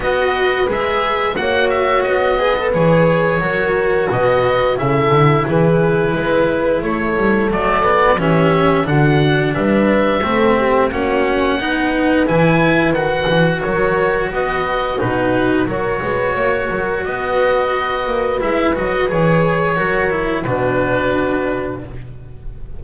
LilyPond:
<<
  \new Staff \with { instrumentName = "oboe" } { \time 4/4 \tempo 4 = 88 dis''4 e''4 fis''8 e''8 dis''4 | cis''2 dis''4 e''4 | b'2 cis''4 d''4 | e''4 fis''4 e''2 |
fis''2 gis''4 fis''4 | cis''4 dis''4 b'4 cis''4~ | cis''4 dis''2 e''8 dis''8 | cis''2 b'2 | }
  \new Staff \with { instrumentName = "horn" } { \time 4/4 b'2 cis''4. b'8~ | b'4 ais'4 b'4 a'4 | gis'4 b'4 a'2 | g'4 fis'4 b'4 a'8 g'8 |
fis'4 b'2. | ais'4 b'4 fis'4 ais'8 b'8 | cis''8 ais'8 b'2.~ | b'4 ais'4 fis'2 | }
  \new Staff \with { instrumentName = "cello" } { \time 4/4 fis'4 gis'4 fis'4. gis'16 a'16 | gis'4 fis'2 e'4~ | e'2. a8 b8 | cis'4 d'2 c'4 |
cis'4 dis'4 e'4 fis'4~ | fis'2 dis'4 fis'4~ | fis'2. e'8 fis'8 | gis'4 fis'8 e'8 d'2 | }
  \new Staff \with { instrumentName = "double bass" } { \time 4/4 b4 gis4 ais4 b4 | e4 fis4 b,4 cis8 d8 | e4 gis4 a8 g8 fis4 | e4 d4 g4 a4 |
ais4 b4 e4 dis8 e8 | fis4 b4 b,4 fis8 gis8 | ais8 fis8 b4. ais8 gis8 fis8 | e4 fis4 b,2 | }
>>